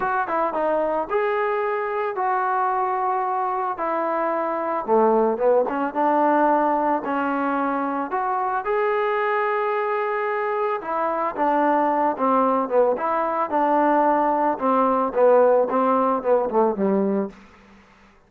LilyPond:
\new Staff \with { instrumentName = "trombone" } { \time 4/4 \tempo 4 = 111 fis'8 e'8 dis'4 gis'2 | fis'2. e'4~ | e'4 a4 b8 cis'8 d'4~ | d'4 cis'2 fis'4 |
gis'1 | e'4 d'4. c'4 b8 | e'4 d'2 c'4 | b4 c'4 b8 a8 g4 | }